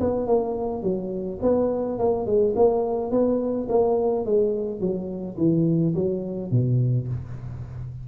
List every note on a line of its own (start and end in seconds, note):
0.00 0.26 B3
0.26 0.82 A#3
0.82 1.39 F#3
1.42 1.98 B3
1.98 2.26 A#3
2.26 2.54 G#3
2.55 3.11 A#3
3.11 3.67 B3
3.69 4.25 A#3
4.25 4.80 G#3
4.80 5.37 F#3
5.37 5.94 E3
5.95 6.51 F#3
6.51 7.08 B2